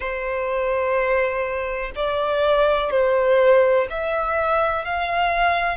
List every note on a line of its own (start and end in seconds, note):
0.00 1.91 C5
1.95 2.90 D5
2.90 3.87 C5
3.90 4.84 E5
4.84 5.76 F5